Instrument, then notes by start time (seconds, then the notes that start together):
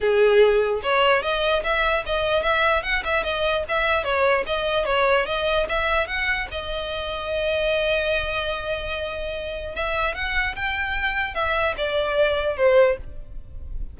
violin
0.00 G#4
0.83 C#5
1.22 D#5
1.63 E5
2.06 D#5
2.43 E5
2.82 F#5
3.04 E5
3.23 D#5
3.68 E5
4.04 C#5
4.46 D#5
4.85 C#5
5.26 D#5
5.68 E5
6.07 F#5
6.51 D#5
9.75 E5
10.14 F#5
10.55 G5
11.34 E5
11.77 D5
12.56 C5